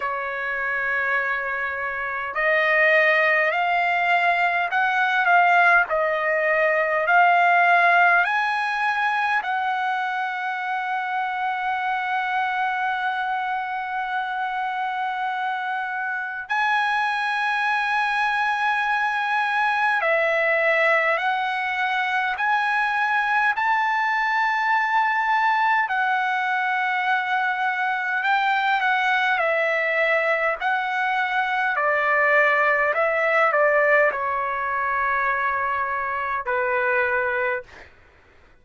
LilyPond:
\new Staff \with { instrumentName = "trumpet" } { \time 4/4 \tempo 4 = 51 cis''2 dis''4 f''4 | fis''8 f''8 dis''4 f''4 gis''4 | fis''1~ | fis''2 gis''2~ |
gis''4 e''4 fis''4 gis''4 | a''2 fis''2 | g''8 fis''8 e''4 fis''4 d''4 | e''8 d''8 cis''2 b'4 | }